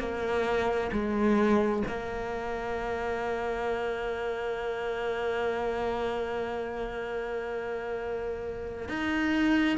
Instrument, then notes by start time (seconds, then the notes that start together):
cello
0.00 A#3
0.93 G#3
1.88 A#3
8.89 D#4